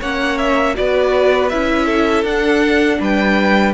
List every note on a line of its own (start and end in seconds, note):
0.00 0.76 A#3
0.00 0.75 C#4
0.00 0.75 C#5
0.00 0.38 F#5
0.38 0.75 E5
0.75 1.52 B3
0.75 1.50 F#4
0.75 1.85 B4
0.75 1.49 D5
1.49 2.23 C#4
1.49 2.26 E4
1.49 2.24 E5
1.85 2.98 A4
2.23 2.98 D4
2.23 3.73 D4
2.23 3.00 F#5
3.00 3.73 G3
3.00 3.73 B4
3.00 3.73 G5